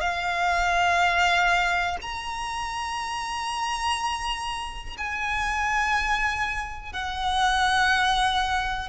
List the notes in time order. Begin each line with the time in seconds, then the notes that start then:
0.00 F5
2.01 A#5
4.97 G#5
6.93 F#5